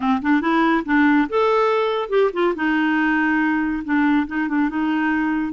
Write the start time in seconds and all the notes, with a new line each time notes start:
0.00 C4
0.22 D4
0.41 E4
0.85 D4
1.29 A4
2.09 G4
2.33 F4
2.55 D#4
3.84 D4
4.27 D#4
4.48 D4
4.69 D#4